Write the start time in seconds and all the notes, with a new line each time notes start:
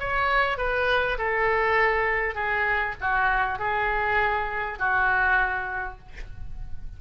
0.00 C#5
0.58 B4
1.19 A4
2.36 G#4
3.02 F#4
3.59 G#4
4.79 F#4